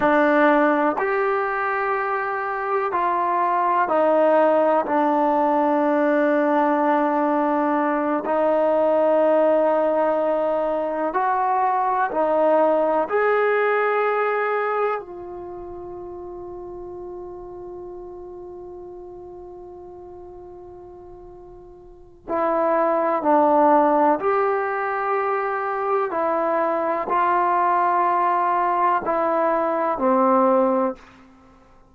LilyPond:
\new Staff \with { instrumentName = "trombone" } { \time 4/4 \tempo 4 = 62 d'4 g'2 f'4 | dis'4 d'2.~ | d'8 dis'2. fis'8~ | fis'8 dis'4 gis'2 f'8~ |
f'1~ | f'2. e'4 | d'4 g'2 e'4 | f'2 e'4 c'4 | }